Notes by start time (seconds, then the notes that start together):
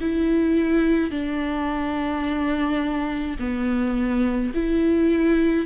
0.00 E4
1.11 D4
3.39 B3
4.54 E4